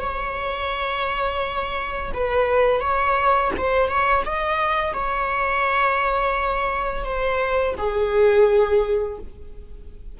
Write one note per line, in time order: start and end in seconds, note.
0.00 2.12 C#5
2.14 2.80 B4
2.80 3.51 C#5
3.57 3.89 C5
3.89 4.24 C#5
4.25 4.93 D#5
4.93 7.04 C#5
7.04 7.75 C5
7.77 9.18 G#4